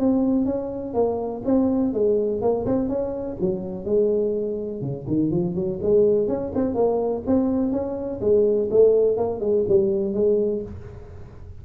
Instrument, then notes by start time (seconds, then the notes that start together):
tuba
0.00 C4
0.46 C#4
0.94 A#3
1.46 C4
1.94 G#3
2.42 A#3
2.66 C4
2.89 C#4
3.41 F#3
3.85 G#3
4.82 C#3
5.08 D#3
5.31 F3
5.56 F#3
5.83 G#3
6.29 C#4
6.55 C4
6.75 A#3
7.27 C4
7.72 C#4
8.21 G#3
8.71 A3
9.18 A#3
9.41 G#3
9.69 G3
10.14 G#3